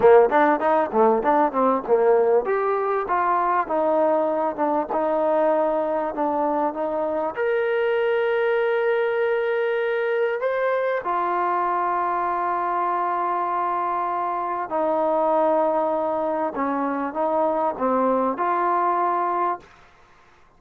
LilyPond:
\new Staff \with { instrumentName = "trombone" } { \time 4/4 \tempo 4 = 98 ais8 d'8 dis'8 a8 d'8 c'8 ais4 | g'4 f'4 dis'4. d'8 | dis'2 d'4 dis'4 | ais'1~ |
ais'4 c''4 f'2~ | f'1 | dis'2. cis'4 | dis'4 c'4 f'2 | }